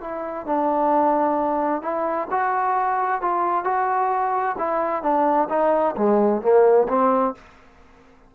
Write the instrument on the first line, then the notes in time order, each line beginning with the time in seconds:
trombone
0.00 E4
0.46 D4
1.81 E4
2.30 F#4
3.21 F4
3.64 F#4
4.58 E4
5.02 D4
5.49 D#4
5.96 G#3
6.41 A#3
6.88 C4